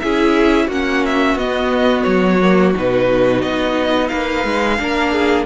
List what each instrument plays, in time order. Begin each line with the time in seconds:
0.00 cello C#4, viola E4, violin G#4 E5
0.67 cello A#3, viola C#4, violin F#4 F#5
1.06 violin E5
1.36 cello B3, viola B3, violin D#5
2.03 cello F#3, violin C#5
2.42 viola A#3
2.75 cello B2, viola D#4, violin B4
3.42 cello B3, violin D#5
4.09 cello A#3, violin B4 F5
4.45 cello G#3
4.79 cello A#3, viola D4, violin A#4
5.13 violin G#4